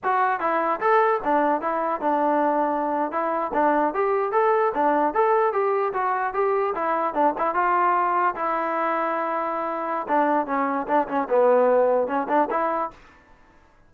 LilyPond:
\new Staff \with { instrumentName = "trombone" } { \time 4/4 \tempo 4 = 149 fis'4 e'4 a'4 d'4 | e'4 d'2~ d'8. e'16~ | e'8. d'4 g'4 a'4 d'16~ | d'8. a'4 g'4 fis'4 g'16~ |
g'8. e'4 d'8 e'8 f'4~ f'16~ | f'8. e'2.~ e'16~ | e'4 d'4 cis'4 d'8 cis'8 | b2 cis'8 d'8 e'4 | }